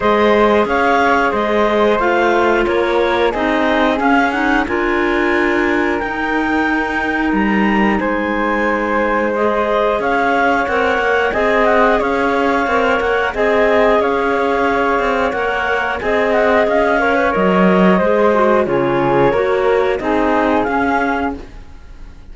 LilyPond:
<<
  \new Staff \with { instrumentName = "clarinet" } { \time 4/4 \tempo 4 = 90 dis''4 f''4 dis''4 f''4 | cis''4 dis''4 f''8 fis''8 gis''4~ | gis''4 g''2 ais''4 | gis''2 dis''4 f''4 |
fis''4 gis''8 fis''8 f''4. fis''8 | gis''4 f''2 fis''4 | gis''8 fis''8 f''4 dis''2 | cis''2 dis''4 f''4 | }
  \new Staff \with { instrumentName = "flute" } { \time 4/4 c''4 cis''4 c''2 | ais'4 gis'2 ais'4~ | ais'1 | c''2. cis''4~ |
cis''4 dis''4 cis''2 | dis''4 cis''2. | dis''4. cis''4. c''4 | gis'4 ais'4 gis'2 | }
  \new Staff \with { instrumentName = "clarinet" } { \time 4/4 gis'2. f'4~ | f'4 dis'4 cis'8 dis'8 f'4~ | f'4 dis'2.~ | dis'2 gis'2 |
ais'4 gis'2 ais'4 | gis'2. ais'4 | gis'4. ais'16 b'16 ais'4 gis'8 fis'8 | f'4 fis'4 dis'4 cis'4 | }
  \new Staff \with { instrumentName = "cello" } { \time 4/4 gis4 cis'4 gis4 a4 | ais4 c'4 cis'4 d'4~ | d'4 dis'2 g4 | gis2. cis'4 |
c'8 ais8 c'4 cis'4 c'8 ais8 | c'4 cis'4. c'8 ais4 | c'4 cis'4 fis4 gis4 | cis4 ais4 c'4 cis'4 | }
>>